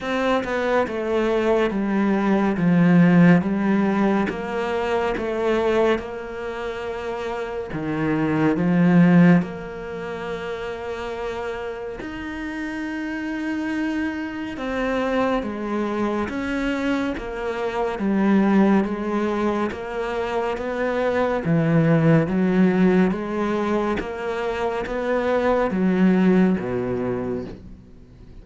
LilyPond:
\new Staff \with { instrumentName = "cello" } { \time 4/4 \tempo 4 = 70 c'8 b8 a4 g4 f4 | g4 ais4 a4 ais4~ | ais4 dis4 f4 ais4~ | ais2 dis'2~ |
dis'4 c'4 gis4 cis'4 | ais4 g4 gis4 ais4 | b4 e4 fis4 gis4 | ais4 b4 fis4 b,4 | }